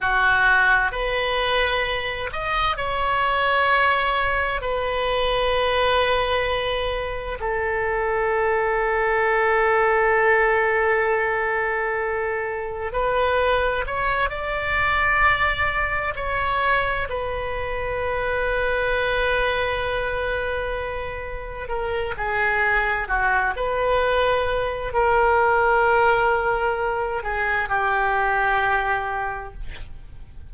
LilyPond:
\new Staff \with { instrumentName = "oboe" } { \time 4/4 \tempo 4 = 65 fis'4 b'4. dis''8 cis''4~ | cis''4 b'2. | a'1~ | a'2 b'4 cis''8 d''8~ |
d''4. cis''4 b'4.~ | b'2.~ b'8 ais'8 | gis'4 fis'8 b'4. ais'4~ | ais'4. gis'8 g'2 | }